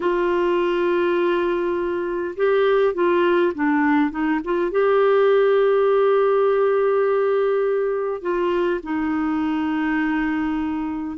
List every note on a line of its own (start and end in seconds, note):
0.00 2.35 F4
2.36 2.94 G4
2.94 3.53 F4
3.54 4.10 D4
4.10 4.40 D#4
4.44 4.71 F4
4.71 8.21 G4
8.21 8.80 F4
8.83 11.17 D#4